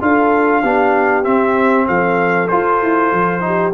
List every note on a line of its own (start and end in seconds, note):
0.00 0.63 D4
0.00 0.62 F4
0.00 0.61 A4
0.00 1.24 F5
0.61 1.25 B3
0.61 1.23 D4
0.61 1.86 G4
1.23 2.48 C4
1.23 1.88 C4
1.23 1.86 E5
1.87 2.51 F3
1.87 3.43 A4
1.87 2.47 F5
2.47 3.40 F4
2.47 2.82 F4
2.47 3.72 C5
2.82 3.12 E4
3.12 3.73 F3
3.40 3.71 D#4
3.40 3.73 G4